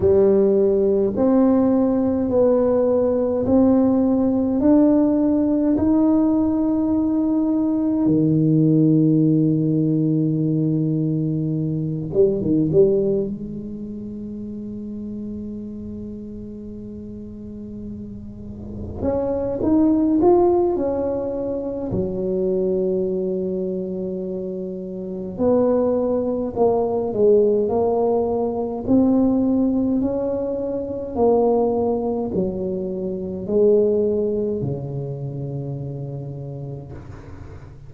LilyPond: \new Staff \with { instrumentName = "tuba" } { \time 4/4 \tempo 4 = 52 g4 c'4 b4 c'4 | d'4 dis'2 dis4~ | dis2~ dis8 g16 dis16 g8 gis8~ | gis1~ |
gis8 cis'8 dis'8 f'8 cis'4 fis4~ | fis2 b4 ais8 gis8 | ais4 c'4 cis'4 ais4 | fis4 gis4 cis2 | }